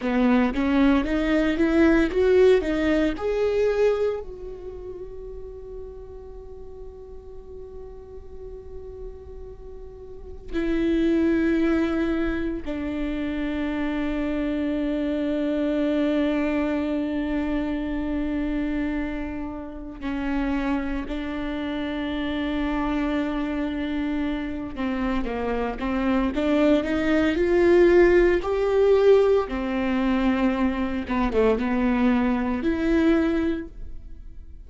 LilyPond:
\new Staff \with { instrumentName = "viola" } { \time 4/4 \tempo 4 = 57 b8 cis'8 dis'8 e'8 fis'8 dis'8 gis'4 | fis'1~ | fis'2 e'2 | d'1~ |
d'2. cis'4 | d'2.~ d'8 c'8 | ais8 c'8 d'8 dis'8 f'4 g'4 | c'4. b16 a16 b4 e'4 | }